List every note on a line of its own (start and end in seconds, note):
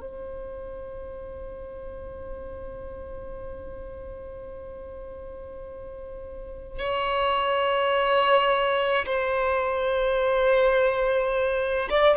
0.00 6.79 C5
6.79 9.05 C#5
9.06 11.89 C5
11.89 12.16 D5